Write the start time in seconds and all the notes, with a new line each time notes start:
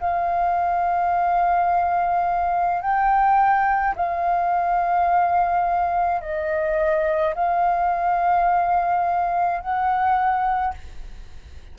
0.00 F5
2.82 G5
3.96 F5
6.22 D#5
7.35 F5
9.61 F#5